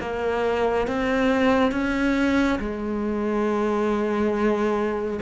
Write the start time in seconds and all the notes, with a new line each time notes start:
0.00 A#3
0.87 C4
1.72 C#4
2.59 G#3